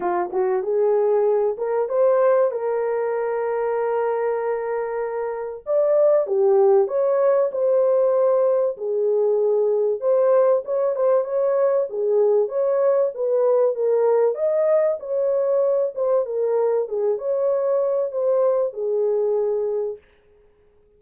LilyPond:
\new Staff \with { instrumentName = "horn" } { \time 4/4 \tempo 4 = 96 f'8 fis'8 gis'4. ais'8 c''4 | ais'1~ | ais'4 d''4 g'4 cis''4 | c''2 gis'2 |
c''4 cis''8 c''8 cis''4 gis'4 | cis''4 b'4 ais'4 dis''4 | cis''4. c''8 ais'4 gis'8 cis''8~ | cis''4 c''4 gis'2 | }